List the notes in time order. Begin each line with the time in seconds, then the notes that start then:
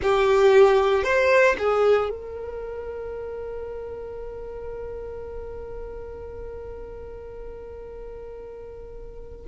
0.02 G4
1.03 C5
1.58 G#4
2.10 A#4